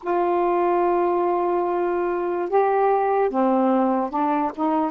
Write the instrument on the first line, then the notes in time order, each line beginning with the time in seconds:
saxophone
0.03 F4
2.49 G4
3.30 C4
4.10 D4
4.55 D#4